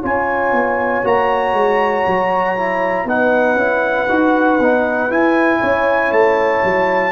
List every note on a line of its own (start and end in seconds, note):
0.00 0.52 C#4
0.00 1.04 F4
0.00 3.05 C#5
0.00 1.06 G#5
0.52 1.03 B3
1.04 1.53 A#3
1.04 2.56 F#4
1.04 3.08 A#5
1.53 2.04 G#3
2.07 3.05 F#3
2.57 3.08 E4
3.05 3.55 B3
3.05 3.57 D#4
3.05 5.60 B4
3.05 5.11 F#5
3.55 4.06 C#4
3.55 4.08 E4
4.08 4.60 D#4
4.08 4.59 F#4
4.60 5.10 B3
4.60 5.10 D#4
5.10 5.61 E4
5.10 7.12 E4
5.10 6.12 G#5
5.60 6.11 C#4
5.60 7.12 C#5
6.11 6.62 A3
6.11 7.12 A5
6.63 7.12 F#3